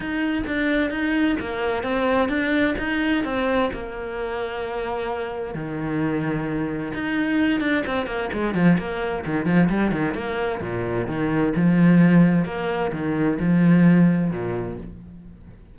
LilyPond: \new Staff \with { instrumentName = "cello" } { \time 4/4 \tempo 4 = 130 dis'4 d'4 dis'4 ais4 | c'4 d'4 dis'4 c'4 | ais1 | dis2. dis'4~ |
dis'8 d'8 c'8 ais8 gis8 f8 ais4 | dis8 f8 g8 dis8 ais4 ais,4 | dis4 f2 ais4 | dis4 f2 ais,4 | }